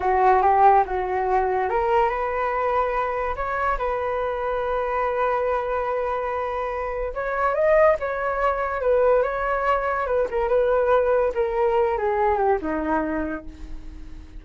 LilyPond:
\new Staff \with { instrumentName = "flute" } { \time 4/4 \tempo 4 = 143 fis'4 g'4 fis'2 | ais'4 b'2. | cis''4 b'2.~ | b'1~ |
b'4 cis''4 dis''4 cis''4~ | cis''4 b'4 cis''2 | b'8 ais'8 b'2 ais'4~ | ais'8 gis'4 g'8 dis'2 | }